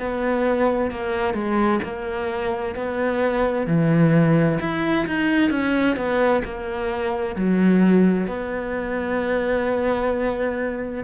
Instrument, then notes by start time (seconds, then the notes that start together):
cello
0.00 B3
0.91 A#3
1.34 G#3
1.84 A#3
2.76 B3
3.67 E3
4.60 E4
5.07 D#4
5.51 C#4
5.97 B3
6.45 A#3
7.36 F#3
8.27 B3